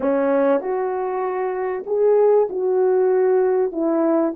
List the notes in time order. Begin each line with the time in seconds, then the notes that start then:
0.00 C#4
0.60 F#4
1.86 G#4
2.49 F#4
3.71 E4